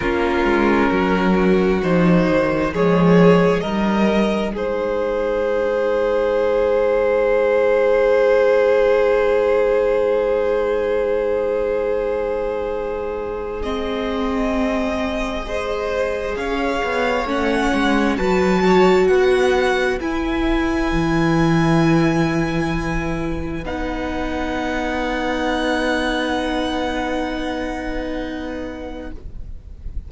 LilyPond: <<
  \new Staff \with { instrumentName = "violin" } { \time 4/4 \tempo 4 = 66 ais'2 c''4 cis''4 | dis''4 c''2.~ | c''1~ | c''2. dis''4~ |
dis''2 f''4 fis''4 | a''4 fis''4 gis''2~ | gis''2 fis''2~ | fis''1 | }
  \new Staff \with { instrumentName = "violin" } { \time 4/4 f'4 fis'2 gis'4 | ais'4 gis'2.~ | gis'1~ | gis'1~ |
gis'4 c''4 cis''2 | b'8 cis''8 b'2.~ | b'1~ | b'1 | }
  \new Staff \with { instrumentName = "viola" } { \time 4/4 cis'2 dis'4 gis4 | dis'1~ | dis'1~ | dis'2. c'4~ |
c'4 gis'2 cis'4 | fis'2 e'2~ | e'2 dis'2~ | dis'1 | }
  \new Staff \with { instrumentName = "cello" } { \time 4/4 ais8 gis8 fis4 f8 dis8 f4 | g4 gis2.~ | gis1~ | gis1~ |
gis2 cis'8 b8 a8 gis8 | fis4 b4 e'4 e4~ | e2 b2~ | b1 | }
>>